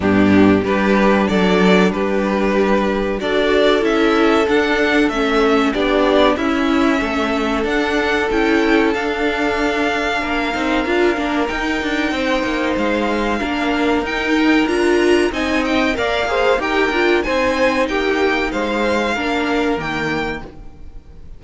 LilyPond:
<<
  \new Staff \with { instrumentName = "violin" } { \time 4/4 \tempo 4 = 94 g'4 b'4 d''4 b'4~ | b'4 d''4 e''4 fis''4 | e''4 d''4 e''2 | fis''4 g''4 f''2~ |
f''2 g''2 | f''2 g''4 ais''4 | gis''8 g''8 f''4 g''4 gis''4 | g''4 f''2 g''4 | }
  \new Staff \with { instrumentName = "violin" } { \time 4/4 d'4 g'4 a'4 g'4~ | g'4 a'2.~ | a'4 g'4 e'4 a'4~ | a'1 |
ais'2. c''4~ | c''4 ais'2. | dis''4 d''8 c''8 ais'4 c''4 | g'4 c''4 ais'2 | }
  \new Staff \with { instrumentName = "viola" } { \time 4/4 b4 d'2.~ | d'4 fis'4 e'4 d'4 | cis'4 d'4 cis'2 | d'4 e'4 d'2~ |
d'8 dis'8 f'8 d'8 dis'2~ | dis'4 d'4 dis'4 f'4 | dis'4 ais'8 gis'8 g'8 f'8 dis'4~ | dis'2 d'4 ais4 | }
  \new Staff \with { instrumentName = "cello" } { \time 4/4 g,4 g4 fis4 g4~ | g4 d'4 cis'4 d'4 | a4 b4 cis'4 a4 | d'4 cis'4 d'2 |
ais8 c'8 d'8 ais8 dis'8 d'8 c'8 ais8 | gis4 ais4 dis'4 d'4 | c'4 ais4 dis'8 d'8 c'4 | ais4 gis4 ais4 dis4 | }
>>